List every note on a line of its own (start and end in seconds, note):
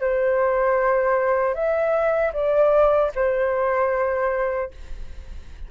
0.00 1.54 C5
1.54 2.32 E5
2.33 3.11 D5
3.15 4.71 C5